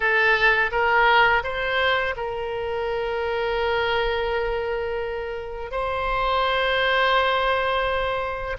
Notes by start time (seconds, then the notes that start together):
0.00 A4
0.71 A#4
1.43 C5
2.16 A#4
5.71 C5